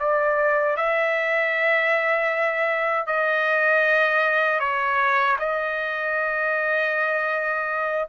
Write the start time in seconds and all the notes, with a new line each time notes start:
0.00 D5
0.77 E5
3.07 D#5
4.60 C#5
5.40 D#5